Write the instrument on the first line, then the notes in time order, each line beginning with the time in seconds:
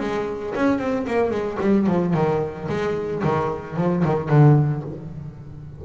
double bass
0.00 G#3
0.55 C#4
0.78 C4
1.07 A#3
1.30 G#3
1.60 G3
1.86 F3
2.14 D#3
2.68 G#3
3.23 D#3
3.77 F3
4.04 D#3
4.29 D3